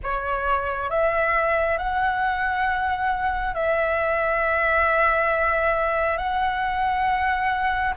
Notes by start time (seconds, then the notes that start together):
0.03 C#5
0.89 E5
1.78 F#5
3.54 E5
6.17 F#5